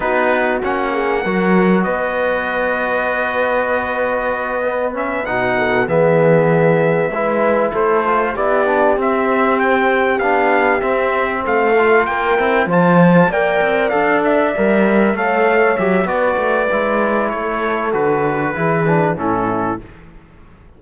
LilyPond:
<<
  \new Staff \with { instrumentName = "trumpet" } { \time 4/4 \tempo 4 = 97 b'4 fis''2 dis''4~ | dis''1 | e''8 fis''4 e''2~ e''8~ | e''8 c''4 d''4 e''4 g''8~ |
g''8 f''4 e''4 f''4 g''8~ | g''8 a''4 g''4 f''8 e''4~ | e''8 f''4 e''8 d''2 | cis''4 b'2 a'4 | }
  \new Staff \with { instrumentName = "horn" } { \time 4/4 fis'4. gis'8 ais'4 b'4~ | b'1~ | b'4 a'8 gis'2 b'8~ | b'8 a'4 g'2~ g'8~ |
g'2~ g'8 a'4 ais'8~ | ais'8 c''4 d''2~ d''8~ | d''8 cis''4. b'2 | a'2 gis'4 e'4 | }
  \new Staff \with { instrumentName = "trombone" } { \time 4/4 dis'4 cis'4 fis'2~ | fis'2.~ fis'8 b8 | cis'8 dis'4 b2 e'8~ | e'4 f'8 e'8 d'8 c'4.~ |
c'8 d'4 c'4. f'4 | e'8 f'4 ais'4 a'4 ais'8~ | ais'8 a'4 g'8 fis'4 e'4~ | e'4 fis'4 e'8 d'8 cis'4 | }
  \new Staff \with { instrumentName = "cello" } { \time 4/4 b4 ais4 fis4 b4~ | b1~ | b8 b,4 e2 gis8~ | gis8 a4 b4 c'4.~ |
c'8 b4 c'4 a4 ais8 | c'8 f4 ais8 c'8 d'4 g8~ | g8 a4 fis8 b8 a8 gis4 | a4 d4 e4 a,4 | }
>>